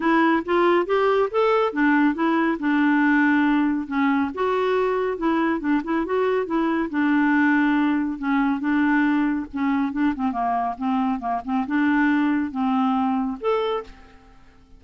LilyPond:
\new Staff \with { instrumentName = "clarinet" } { \time 4/4 \tempo 4 = 139 e'4 f'4 g'4 a'4 | d'4 e'4 d'2~ | d'4 cis'4 fis'2 | e'4 d'8 e'8 fis'4 e'4 |
d'2. cis'4 | d'2 cis'4 d'8 c'8 | ais4 c'4 ais8 c'8 d'4~ | d'4 c'2 a'4 | }